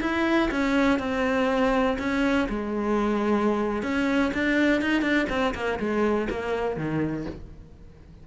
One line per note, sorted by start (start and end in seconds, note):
0.00 0.49 E4
0.51 0.99 C#4
0.99 1.97 C4
1.98 2.47 C#4
2.49 3.82 G#3
3.82 4.31 C#4
4.33 4.81 D4
4.81 5.01 D#4
5.01 5.26 D4
5.29 5.54 C4
5.54 5.79 A#3
5.79 6.28 G#3
6.29 6.76 A#3
6.76 7.25 D#3